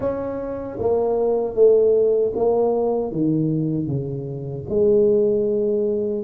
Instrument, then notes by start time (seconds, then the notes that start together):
tuba
0.00 C#4
0.79 A#3
1.54 A3
2.35 A#3
3.11 D#3
3.86 C#3
4.69 G#3